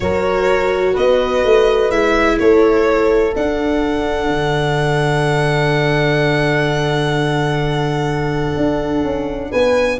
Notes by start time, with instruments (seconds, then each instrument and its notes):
0.00 tuba F#3, viola F#4, horn A#4, violin C#5
0.93 tuba B3, horn B4, violin D#5
1.44 tuba A3
1.90 tuba G#3, viola E4, violin E5
2.39 tuba A3, horn A4, violin C#5
3.35 tuba D4, viola D4, violin F#5
4.29 tuba D3
8.56 tuba D4
9.03 tuba C#4
9.50 tuba B3, horn B4, violin G#5